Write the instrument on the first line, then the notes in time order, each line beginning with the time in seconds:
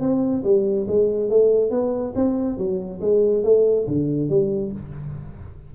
tuba
0.00 C4
0.43 G3
0.87 G#3
1.29 A3
1.70 B3
2.15 C4
2.57 F#3
3.01 G#3
3.43 A3
3.87 D3
4.29 G3